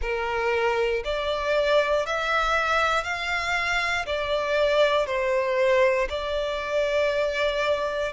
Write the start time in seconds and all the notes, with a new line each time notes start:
0.01 A#4
1.04 D5
2.06 E5
3.03 F5
4.05 D5
5.06 C5
6.09 D5